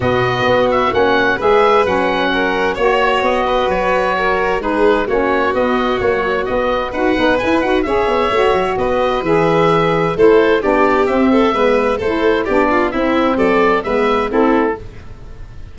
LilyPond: <<
  \new Staff \with { instrumentName = "oboe" } { \time 4/4 \tempo 4 = 130 dis''4. e''8 fis''4 e''4 | fis''2 cis''4 dis''4 | cis''2 b'4 cis''4 | dis''4 cis''4 dis''4 fis''4 |
gis''8 fis''8 e''2 dis''4 | e''2 c''4 d''4 | e''2 c''4 d''4 | e''4 d''4 e''4 a'4 | }
  \new Staff \with { instrumentName = "violin" } { \time 4/4 fis'2. b'4~ | b'4 ais'4 cis''4. b'8~ | b'4 ais'4 gis'4 fis'4~ | fis'2. b'4~ |
b'4 cis''2 b'4~ | b'2 a'4 g'4~ | g'8 a'8 b'4 a'4 g'8 f'8 | e'4 a'4 b'4 e'4 | }
  \new Staff \with { instrumentName = "saxophone" } { \time 4/4 b2 cis'4 gis'4 | cis'2 fis'2~ | fis'2 dis'4 cis'4 | b4 fis4 b4 fis'8 dis'8 |
e'8 fis'8 gis'4 fis'2 | gis'2 e'4 d'4 | c'4 b4 e'4 d'4 | c'2 b4 c'4 | }
  \new Staff \with { instrumentName = "tuba" } { \time 4/4 b,4 b4 ais4 gis4 | fis2 ais4 b4 | fis2 gis4 ais4 | b4 ais4 b4 dis'8 b8 |
e'8 dis'8 cis'8 b8 a8 fis8 b4 | e2 a4 b4 | c'4 gis4 a4 b4 | c'4 fis4 gis4 a4 | }
>>